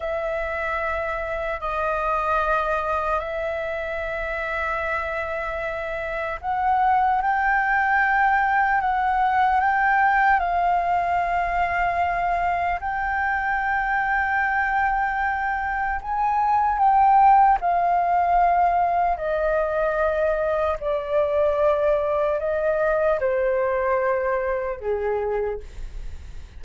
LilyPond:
\new Staff \with { instrumentName = "flute" } { \time 4/4 \tempo 4 = 75 e''2 dis''2 | e''1 | fis''4 g''2 fis''4 | g''4 f''2. |
g''1 | gis''4 g''4 f''2 | dis''2 d''2 | dis''4 c''2 gis'4 | }